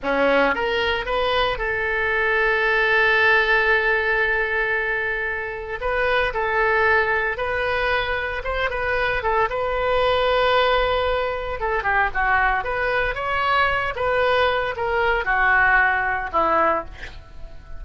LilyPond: \new Staff \with { instrumentName = "oboe" } { \time 4/4 \tempo 4 = 114 cis'4 ais'4 b'4 a'4~ | a'1~ | a'2. b'4 | a'2 b'2 |
c''8 b'4 a'8 b'2~ | b'2 a'8 g'8 fis'4 | b'4 cis''4. b'4. | ais'4 fis'2 e'4 | }